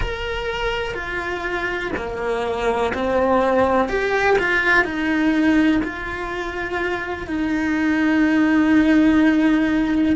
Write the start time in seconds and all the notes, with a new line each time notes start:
0.00 A#4
0.94 F4
1.96 A#3
2.93 C4
3.88 G4
4.38 F4
4.84 D#4
5.83 F4
7.27 D#4